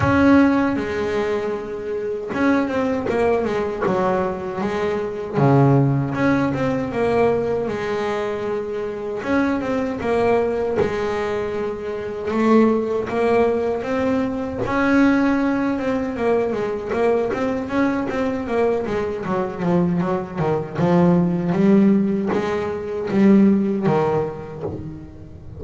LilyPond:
\new Staff \with { instrumentName = "double bass" } { \time 4/4 \tempo 4 = 78 cis'4 gis2 cis'8 c'8 | ais8 gis8 fis4 gis4 cis4 | cis'8 c'8 ais4 gis2 | cis'8 c'8 ais4 gis2 |
a4 ais4 c'4 cis'4~ | cis'8 c'8 ais8 gis8 ais8 c'8 cis'8 c'8 | ais8 gis8 fis8 f8 fis8 dis8 f4 | g4 gis4 g4 dis4 | }